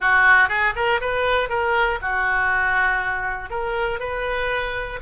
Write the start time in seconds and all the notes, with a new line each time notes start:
0.00 F#4
0.49 G#4
0.75 A#4
1.00 B4
1.49 A#4
2.01 F#4
3.50 A#4
3.99 B4